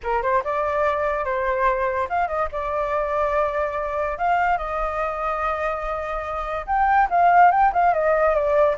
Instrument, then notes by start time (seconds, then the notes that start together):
flute
0.03 A#4
0.22 C5
0.44 D5
1.24 C5
2.09 F5
2.27 D#5
2.52 D5
4.18 F5
4.57 D#5
6.66 G5
7.10 F5
7.51 G5
7.72 F5
7.93 D#5
8.34 D5